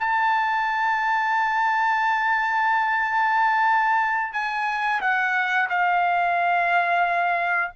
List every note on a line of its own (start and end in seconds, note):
0.00 4.33 A5
4.33 5.01 G#5
5.01 5.69 F#5
5.70 7.72 F5